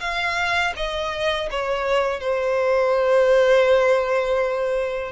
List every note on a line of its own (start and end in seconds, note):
0.00 0.73 F5
0.76 1.49 D#5
1.50 2.20 C#5
2.20 5.12 C5